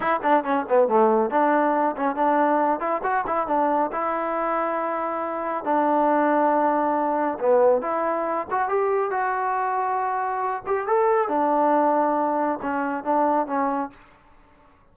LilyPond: \new Staff \with { instrumentName = "trombone" } { \time 4/4 \tempo 4 = 138 e'8 d'8 cis'8 b8 a4 d'4~ | d'8 cis'8 d'4. e'8 fis'8 e'8 | d'4 e'2.~ | e'4 d'2.~ |
d'4 b4 e'4. fis'8 | g'4 fis'2.~ | fis'8 g'8 a'4 d'2~ | d'4 cis'4 d'4 cis'4 | }